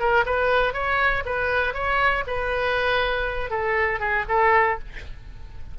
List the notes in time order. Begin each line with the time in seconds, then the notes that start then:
0.00 A#4
0.26 B4
0.74 C#5
1.26 B4
1.74 C#5
2.27 B4
3.50 A4
4.00 G#4
4.29 A4